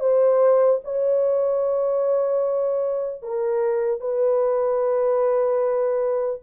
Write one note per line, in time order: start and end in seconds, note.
0.00 0.80 C5
0.84 3.23 C#5
3.23 4.01 A#4
4.01 6.41 B4